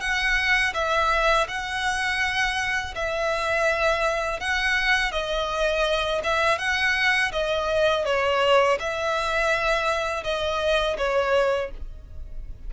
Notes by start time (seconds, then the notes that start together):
0.00 F#5
0.74 E5
1.48 F#5
2.95 E5
4.40 F#5
5.12 D#5
6.24 E5
6.59 F#5
7.32 D#5
8.05 C#5
8.79 E5
10.24 D#5
10.97 C#5